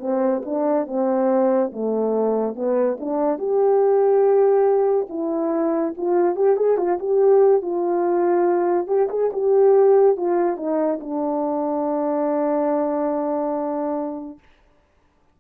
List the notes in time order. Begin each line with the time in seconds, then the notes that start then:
0.00 C4
0.45 D4
0.87 C4
1.72 A3
2.56 B3
3.00 D4
3.38 G4
5.10 E4
5.98 F4
6.36 G4
6.57 G#4
6.78 F4
6.99 G4
7.62 F4
8.88 G4
9.10 G#4
9.33 G4
10.17 F4
10.57 D#4
11.01 D4